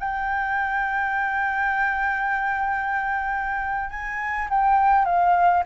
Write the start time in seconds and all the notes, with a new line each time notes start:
0.00 G5
3.90 G#5
4.50 G5
5.05 F5